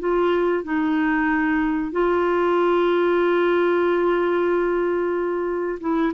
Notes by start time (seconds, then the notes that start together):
0.00 F4
0.64 D#4
1.92 F4
5.81 E4